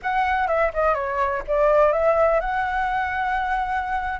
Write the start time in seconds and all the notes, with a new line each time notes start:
0.02 F#5
0.47 E5
0.73 D#5
0.94 C#5
1.47 D5
1.92 E5
2.40 F#5